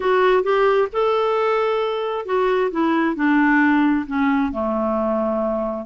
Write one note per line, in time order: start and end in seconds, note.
0.00 0.43 F#4
0.43 0.88 G4
0.92 2.25 A4
2.25 2.70 F#4
2.71 3.15 E4
3.15 4.05 D4
4.07 4.52 C#4
4.52 5.85 A3